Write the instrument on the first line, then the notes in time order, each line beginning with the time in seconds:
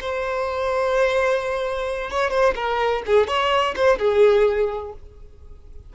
violin
0.00 C5
2.10 C#5
2.30 C5
2.55 A#4
3.06 G#4
3.27 C#5
3.76 C5
3.98 G#4